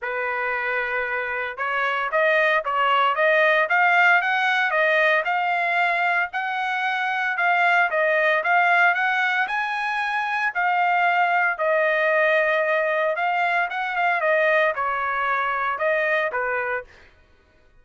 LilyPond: \new Staff \with { instrumentName = "trumpet" } { \time 4/4 \tempo 4 = 114 b'2. cis''4 | dis''4 cis''4 dis''4 f''4 | fis''4 dis''4 f''2 | fis''2 f''4 dis''4 |
f''4 fis''4 gis''2 | f''2 dis''2~ | dis''4 f''4 fis''8 f''8 dis''4 | cis''2 dis''4 b'4 | }